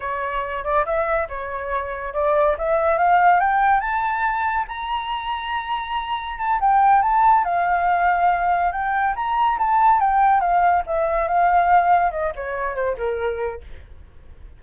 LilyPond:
\new Staff \with { instrumentName = "flute" } { \time 4/4 \tempo 4 = 141 cis''4. d''8 e''4 cis''4~ | cis''4 d''4 e''4 f''4 | g''4 a''2 ais''4~ | ais''2. a''8 g''8~ |
g''8 a''4 f''2~ f''8~ | f''8 g''4 ais''4 a''4 g''8~ | g''8 f''4 e''4 f''4.~ | f''8 dis''8 cis''4 c''8 ais'4. | }